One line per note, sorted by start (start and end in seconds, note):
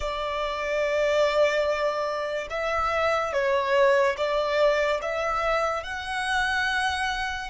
0.00 2.47 D5
2.50 3.32 E5
3.32 4.16 C#5
4.17 5.00 D5
5.02 5.83 E5
5.83 7.49 F#5